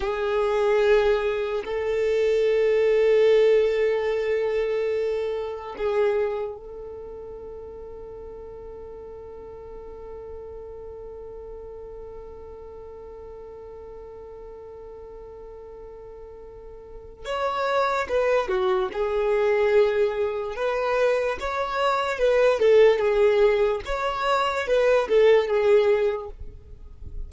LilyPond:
\new Staff \with { instrumentName = "violin" } { \time 4/4 \tempo 4 = 73 gis'2 a'2~ | a'2. gis'4 | a'1~ | a'1~ |
a'1~ | a'4 cis''4 b'8 fis'8 gis'4~ | gis'4 b'4 cis''4 b'8 a'8 | gis'4 cis''4 b'8 a'8 gis'4 | }